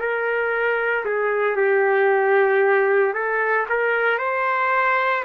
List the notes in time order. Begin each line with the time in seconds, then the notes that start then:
0.00 A#4
1.06 G#4
1.57 G4
3.14 A4
3.69 A#4
4.19 C5